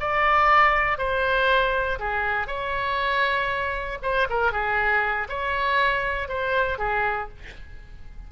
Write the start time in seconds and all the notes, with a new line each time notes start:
0.00 D5
0.98 C5
1.99 G#4
2.47 C#5
4.02 C5
4.29 A#4
4.52 G#4
5.29 C#5
6.28 C5
6.78 G#4